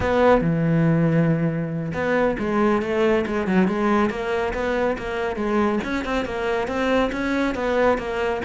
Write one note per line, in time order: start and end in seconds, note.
0.00 0.41 B3
0.41 1.92 E3
1.93 2.36 B3
2.39 2.82 G#3
2.82 3.25 A3
3.26 3.47 G#3
3.47 3.67 F#3
3.67 4.10 G#3
4.10 4.53 A#3
4.53 4.96 B3
4.98 5.36 A#3
5.36 5.79 G#3
5.84 6.05 C#4
6.05 6.25 C4
6.25 6.67 A#3
6.67 7.10 C4
7.11 7.54 C#4
7.54 7.97 B3
7.97 8.41 A#3